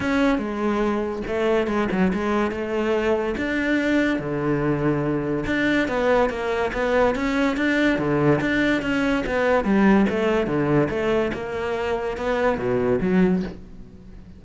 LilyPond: \new Staff \with { instrumentName = "cello" } { \time 4/4 \tempo 4 = 143 cis'4 gis2 a4 | gis8 fis8 gis4 a2 | d'2 d2~ | d4 d'4 b4 ais4 |
b4 cis'4 d'4 d4 | d'4 cis'4 b4 g4 | a4 d4 a4 ais4~ | ais4 b4 b,4 fis4 | }